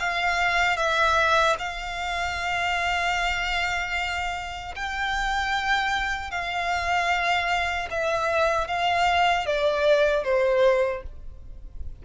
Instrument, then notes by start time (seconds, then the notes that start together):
violin
0.00 F5
0.78 E5
1.59 F5
4.76 G5
6.31 F5
7.91 E5
8.68 F5
9.47 D5
10.25 C5